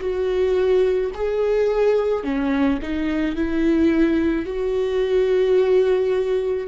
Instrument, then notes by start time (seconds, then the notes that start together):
viola
0.00 F#4
1.14 G#4
2.23 C#4
2.82 D#4
3.35 E4
4.45 F#4